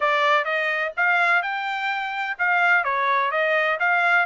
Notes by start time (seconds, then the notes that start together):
0.00 D5
0.44 D#5
0.96 F5
1.42 G5
2.38 F5
2.83 C#5
3.31 D#5
3.79 F5